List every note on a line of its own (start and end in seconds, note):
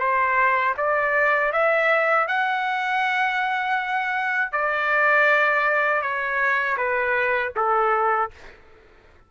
0.00 0.75 C5
0.77 1.52 D5
1.52 2.27 E5
2.28 4.52 F#5
4.52 6.02 D5
6.02 6.77 C#5
6.77 7.52 B4
7.56 8.31 A4